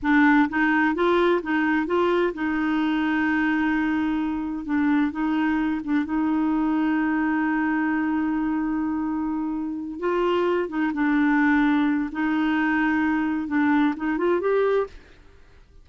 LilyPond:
\new Staff \with { instrumentName = "clarinet" } { \time 4/4 \tempo 4 = 129 d'4 dis'4 f'4 dis'4 | f'4 dis'2.~ | dis'2 d'4 dis'4~ | dis'8 d'8 dis'2.~ |
dis'1~ | dis'4. f'4. dis'8 d'8~ | d'2 dis'2~ | dis'4 d'4 dis'8 f'8 g'4 | }